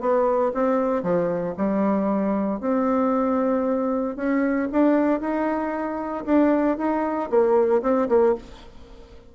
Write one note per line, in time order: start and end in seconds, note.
0.00 0.52 B3
0.54 1.02 C4
1.02 1.55 F3
1.57 2.60 G3
2.60 4.16 C4
4.16 4.68 C#4
4.71 5.20 D4
5.20 6.24 D#4
6.25 6.77 D4
6.77 7.29 D#4
7.29 7.82 A#3
7.82 8.08 C4
8.09 8.35 A#3